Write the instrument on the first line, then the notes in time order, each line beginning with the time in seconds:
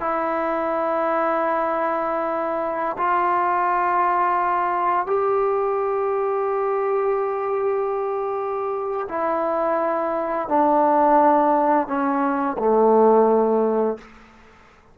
trombone
0.00 E4
2.97 F4
5.06 G4
9.09 E4
10.48 D4
11.87 C#4
12.59 A3